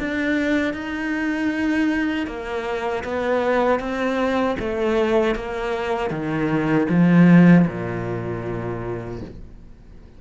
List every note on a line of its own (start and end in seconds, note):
0.00 0.74 D4
0.74 2.27 D#4
2.27 3.04 A#3
3.04 3.80 B3
3.80 4.57 C4
4.59 5.36 A3
5.36 6.11 A#3
6.11 6.88 D#3
6.90 7.66 F3
7.67 9.21 A#2